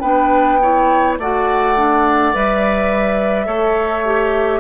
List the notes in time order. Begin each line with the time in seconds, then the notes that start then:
0.00 B3 D4 B4 G5
0.62 E4 C#5
1.19 A3 F#4 D5 F#5
1.76 D4
2.34 G3 B4 E5
3.46 A3 A4 C#5
4.05 G4